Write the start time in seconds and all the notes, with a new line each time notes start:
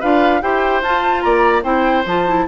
0.00 D4 F4 B4 F5
0.41 E4 G4 C5 G5
0.82 F4 A5
1.21 A#3 D5 A#5
1.62 C4 E4 C5 G5
2.05 F3 F4 A5
2.27 E4